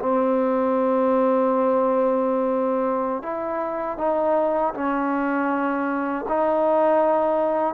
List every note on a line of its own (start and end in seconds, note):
0.00 3.23 C4
3.23 3.98 E4
3.98 4.74 D#4
4.74 6.26 C#4
6.29 7.75 D#4